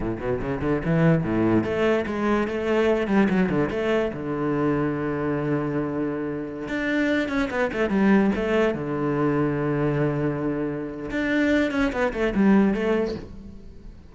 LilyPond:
\new Staff \with { instrumentName = "cello" } { \time 4/4 \tempo 4 = 146 a,8 b,8 cis8 d8 e4 a,4 | a4 gis4 a4. g8 | fis8 d8 a4 d2~ | d1~ |
d16 d'4. cis'8 b8 a8 g8.~ | g16 a4 d2~ d8.~ | d2. d'4~ | d'8 cis'8 b8 a8 g4 a4 | }